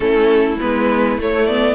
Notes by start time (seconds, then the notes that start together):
0.00 A3 C#4 E4 A4
0.59 G#3 B3 B4
1.17 A3 C#5
1.46 B3 D5